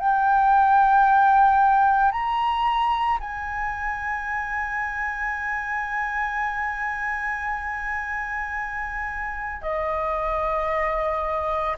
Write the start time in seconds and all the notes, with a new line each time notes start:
0.00 G5
2.12 A#5
3.20 G#5
9.62 D#5